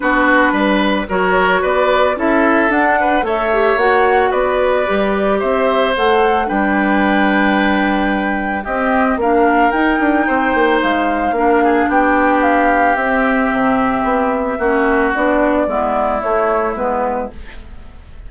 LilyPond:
<<
  \new Staff \with { instrumentName = "flute" } { \time 4/4 \tempo 4 = 111 b'2 cis''4 d''4 | e''4 fis''4 e''4 fis''4 | d''2 e''4 fis''4 | g''1 |
dis''4 f''4 g''2 | f''2 g''4 f''4 | e''1 | d''2 cis''4 b'4 | }
  \new Staff \with { instrumentName = "oboe" } { \time 4/4 fis'4 b'4 ais'4 b'4 | a'4. b'8 cis''2 | b'2 c''2 | b'1 |
g'4 ais'2 c''4~ | c''4 ais'8 gis'8 g'2~ | g'2. fis'4~ | fis'4 e'2. | }
  \new Staff \with { instrumentName = "clarinet" } { \time 4/4 d'2 fis'2 | e'4 d'4 a'8 g'8 fis'4~ | fis'4 g'2 a'4 | d'1 |
c'4 d'4 dis'2~ | dis'4 d'2. | c'2. cis'4 | d'4 b4 a4 b4 | }
  \new Staff \with { instrumentName = "bassoon" } { \time 4/4 b4 g4 fis4 b4 | cis'4 d'4 a4 ais4 | b4 g4 c'4 a4 | g1 |
c'4 ais4 dis'8 d'8 c'8 ais8 | gis4 ais4 b2 | c'4 c4 b4 ais4 | b4 gis4 a4 gis4 | }
>>